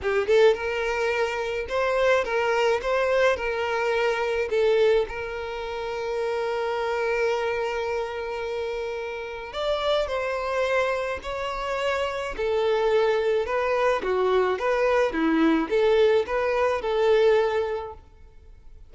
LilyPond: \new Staff \with { instrumentName = "violin" } { \time 4/4 \tempo 4 = 107 g'8 a'8 ais'2 c''4 | ais'4 c''4 ais'2 | a'4 ais'2.~ | ais'1~ |
ais'4 d''4 c''2 | cis''2 a'2 | b'4 fis'4 b'4 e'4 | a'4 b'4 a'2 | }